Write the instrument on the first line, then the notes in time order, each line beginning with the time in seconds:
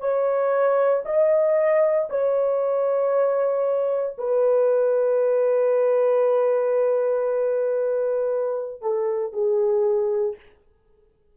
horn
0.00 C#5
1.05 D#5
2.10 C#5
4.18 B4
8.82 A4
9.33 G#4